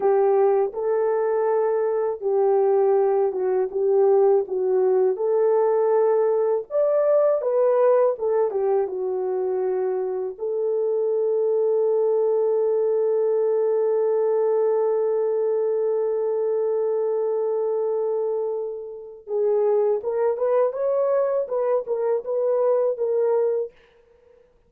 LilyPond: \new Staff \with { instrumentName = "horn" } { \time 4/4 \tempo 4 = 81 g'4 a'2 g'4~ | g'8 fis'8 g'4 fis'4 a'4~ | a'4 d''4 b'4 a'8 g'8 | fis'2 a'2~ |
a'1~ | a'1~ | a'2 gis'4 ais'8 b'8 | cis''4 b'8 ais'8 b'4 ais'4 | }